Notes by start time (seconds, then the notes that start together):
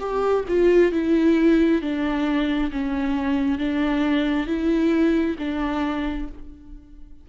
0.00 G4
0.48 F4
0.92 E4
1.82 D4
2.72 C#4
3.59 D4
4.47 E4
5.39 D4